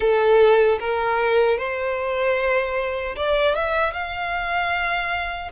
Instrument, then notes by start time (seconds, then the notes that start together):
violin
0.00 A4
0.79 A#4
1.58 C5
3.16 D5
3.55 E5
3.93 F5